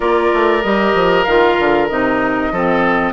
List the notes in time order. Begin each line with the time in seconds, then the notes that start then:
0.00 A#3 F4 A#4 D5
0.33 A3
0.62 G3 G4 D#5
0.93 F3
1.23 D#3 F4 F5
1.59 D3
1.88 C3 D#4 D#5
2.51 F3 C4 A4